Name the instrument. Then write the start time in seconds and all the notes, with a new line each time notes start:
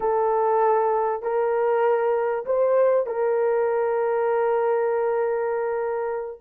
horn
0.00 A4
1.22 A#4
2.45 C5
3.06 A#4